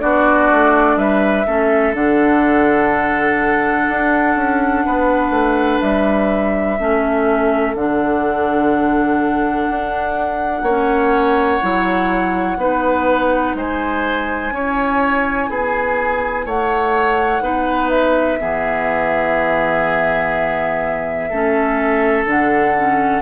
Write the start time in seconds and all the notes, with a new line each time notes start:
0.00 B3 D4 F#4 D5
0.52 A3
0.97 G3 B4 E5
1.47 A3 C#4 A4
1.94 D3 D4 F#5
3.90 D4
4.36 C#4
4.86 B3 B4
5.31 A3
5.81 G3 E5
6.79 A3 C#4 A4
7.75 D3 D4 F#5
9.71 D4
10.62 A#3 C#4 C#5
11.62 F#3 E4
12.57 B3 D#4 B4
13.55 G#3 C5 G#5
14.52 C#4 E4 C#5
15.49 B3 G#4
16.46 A3 C#5 F#5
17.41 B3 D#4 B4
17.90 E5
18.40 E3 B3 G#4
21.30 A3 C#4 A4
22.25 D3 D4 F#5
22.77 C#4